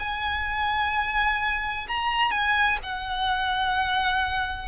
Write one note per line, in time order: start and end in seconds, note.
0.00 1.87 G#5
1.88 2.31 A#5
2.31 2.78 G#5
2.83 4.69 F#5